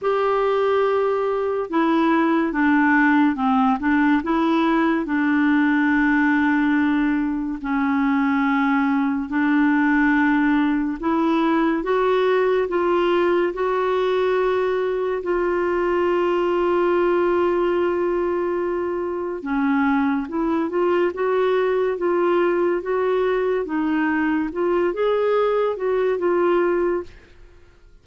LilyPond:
\new Staff \with { instrumentName = "clarinet" } { \time 4/4 \tempo 4 = 71 g'2 e'4 d'4 | c'8 d'8 e'4 d'2~ | d'4 cis'2 d'4~ | d'4 e'4 fis'4 f'4 |
fis'2 f'2~ | f'2. cis'4 | e'8 f'8 fis'4 f'4 fis'4 | dis'4 f'8 gis'4 fis'8 f'4 | }